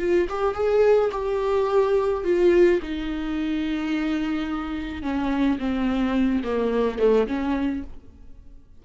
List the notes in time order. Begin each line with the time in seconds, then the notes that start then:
0.00 F4
0.30 G4
0.55 G#4
1.12 G4
2.25 F4
2.83 D#4
5.03 C#4
5.59 C4
6.44 A#3
6.99 A3
7.28 C#4